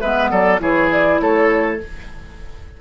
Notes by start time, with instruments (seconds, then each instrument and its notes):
0.00 bassoon G#3, clarinet B3, oboe B4, flute E5
0.30 bassoon F#3, oboe A4, flute D5
0.59 bassoon E3, clarinet E4, oboe G#4, flute C#5
0.91 flute D5
1.20 bassoon A3, oboe A4, flute C#5